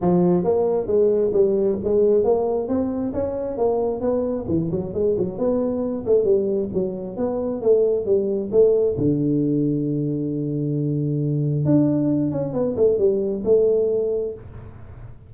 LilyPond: \new Staff \with { instrumentName = "tuba" } { \time 4/4 \tempo 4 = 134 f4 ais4 gis4 g4 | gis4 ais4 c'4 cis'4 | ais4 b4 e8 fis8 gis8 fis8 | b4. a8 g4 fis4 |
b4 a4 g4 a4 | d1~ | d2 d'4. cis'8 | b8 a8 g4 a2 | }